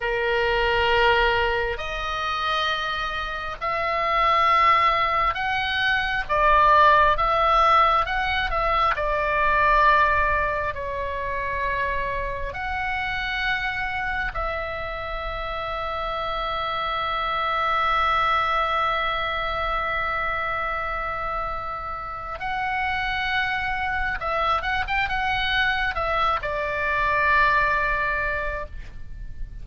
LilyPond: \new Staff \with { instrumentName = "oboe" } { \time 4/4 \tempo 4 = 67 ais'2 dis''2 | e''2 fis''4 d''4 | e''4 fis''8 e''8 d''2 | cis''2 fis''2 |
e''1~ | e''1~ | e''4 fis''2 e''8 fis''16 g''16 | fis''4 e''8 d''2~ d''8 | }